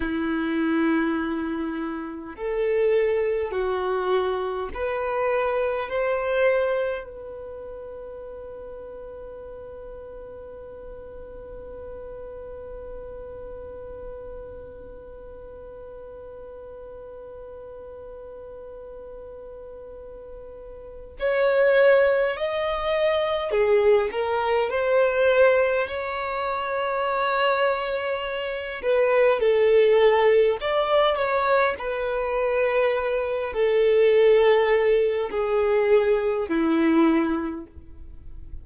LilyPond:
\new Staff \with { instrumentName = "violin" } { \time 4/4 \tempo 4 = 51 e'2 a'4 fis'4 | b'4 c''4 b'2~ | b'1~ | b'1~ |
b'2 cis''4 dis''4 | gis'8 ais'8 c''4 cis''2~ | cis''8 b'8 a'4 d''8 cis''8 b'4~ | b'8 a'4. gis'4 e'4 | }